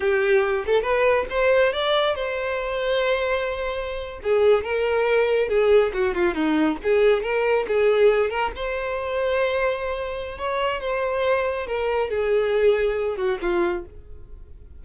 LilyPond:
\new Staff \with { instrumentName = "violin" } { \time 4/4 \tempo 4 = 139 g'4. a'8 b'4 c''4 | d''4 c''2.~ | c''4.~ c''16 gis'4 ais'4~ ais'16~ | ais'8. gis'4 fis'8 f'8 dis'4 gis'16~ |
gis'8. ais'4 gis'4. ais'8 c''16~ | c''1 | cis''4 c''2 ais'4 | gis'2~ gis'8 fis'8 f'4 | }